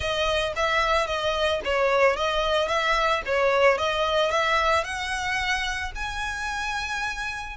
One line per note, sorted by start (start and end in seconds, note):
0.00 0.53 D#5
0.56 1.06 E5
1.06 1.60 D#5
1.64 2.16 C#5
2.16 2.68 D#5
2.68 3.22 E5
3.25 3.77 C#5
3.77 4.30 D#5
4.30 4.84 E5
4.84 5.92 F#5
5.95 7.57 G#5